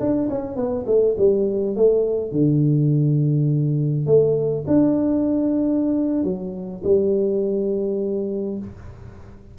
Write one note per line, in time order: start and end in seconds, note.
0.00 0.29 D4
0.30 0.56 C#4
0.56 0.85 B3
0.87 1.16 A3
1.18 1.76 G3
1.76 2.32 A3
2.32 4.07 D3
4.07 4.65 A3
4.67 6.24 D4
6.24 6.82 F#3
6.84 8.59 G3